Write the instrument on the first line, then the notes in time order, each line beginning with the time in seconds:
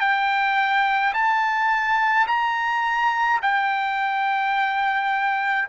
trumpet
0.00 G5
1.14 A5
2.27 A#5
3.42 G5